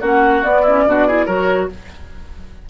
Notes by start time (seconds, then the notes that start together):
0.00 A#3 C#4 F#4 F#5
0.43 B3 D5
0.62 C#4 E4
0.85 B2 D4 F#4
1.07 E4 G#4
1.25 F#3 F#4 A#4 C#5